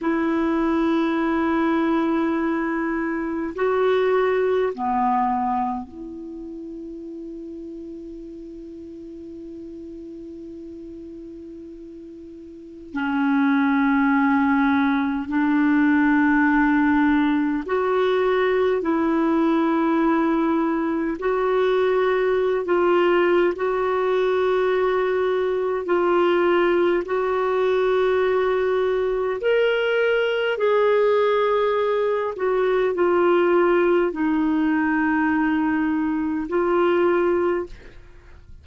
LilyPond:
\new Staff \with { instrumentName = "clarinet" } { \time 4/4 \tempo 4 = 51 e'2. fis'4 | b4 e'2.~ | e'2. cis'4~ | cis'4 d'2 fis'4 |
e'2 fis'4~ fis'16 f'8. | fis'2 f'4 fis'4~ | fis'4 ais'4 gis'4. fis'8 | f'4 dis'2 f'4 | }